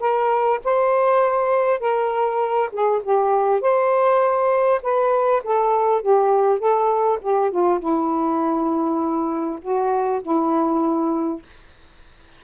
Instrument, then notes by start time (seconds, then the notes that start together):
saxophone
0.00 A#4
0.64 C5
1.80 A#4
2.72 G#4
3.03 G4
3.61 C5
4.83 B4
5.44 A4
6.02 G4
6.59 A4
7.22 G4
7.51 F4
7.80 E4
9.62 F#4
10.22 E4